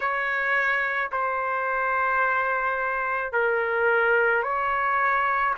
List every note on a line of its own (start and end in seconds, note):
0.00 1.11 C#5
1.11 3.32 C5
3.32 4.43 A#4
4.43 5.54 C#5